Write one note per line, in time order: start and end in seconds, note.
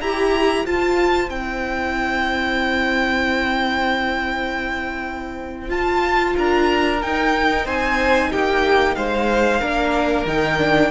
0.00 0.65 E4
0.00 0.65 G4
0.00 0.66 G4
0.00 0.66 A#5
0.65 1.30 F4
0.65 1.31 F4
0.65 6.35 C5
0.65 1.30 A5
1.30 5.69 C4
1.30 5.68 E4
1.30 5.70 G5
5.68 6.99 F4
5.68 6.35 F4
5.68 6.35 A5
6.35 7.02 D4
6.35 7.65 A#4
6.35 7.02 A#5
7.02 7.65 D#4
7.02 9.61 D#4
7.02 7.67 G5
7.65 8.30 C4
7.65 8.30 C5
7.65 8.32 G#5
8.31 8.96 A#3
8.31 8.96 G4
8.31 8.95 G5
8.95 9.61 G#3
8.95 9.60 C5
8.95 10.25 F5
9.60 10.25 A#3
9.60 10.27 D4
9.60 10.90 A#4
10.25 10.90 D#3
10.25 10.58 D#4
10.25 10.90 G5
10.58 10.90 D4